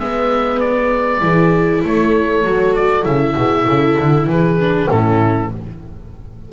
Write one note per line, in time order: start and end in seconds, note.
0.00 1.22 G#3
0.00 1.21 B3
0.00 1.23 B4
0.00 0.60 E5
0.60 1.83 D5
1.21 1.84 E3
1.21 2.43 E4
1.21 1.85 G#4
1.84 2.45 A3
1.84 3.36 A4
1.84 2.76 C#5
2.44 3.06 F#3
2.44 3.03 F#4
2.76 3.04 D5
3.03 3.36 C#3
3.03 4.56 E4
3.03 4.27 E5
3.36 3.67 B2
3.36 3.66 G#4
3.66 3.97 C#3
3.66 4.27 A4
3.99 4.27 D3
4.27 4.88 E3
4.27 4.91 G#4
4.27 4.90 B4
4.60 4.89 D4
4.89 5.52 A2
4.89 5.51 C#4
4.89 5.52 E4
4.89 5.52 A4